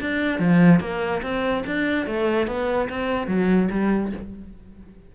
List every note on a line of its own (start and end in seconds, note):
0.00 0.39 D4
0.39 0.80 F3
0.80 1.21 A#3
1.22 1.63 C4
1.66 2.06 D4
2.06 2.47 A3
2.47 2.88 B3
2.89 3.27 C4
3.27 3.68 F#3
3.71 4.12 G3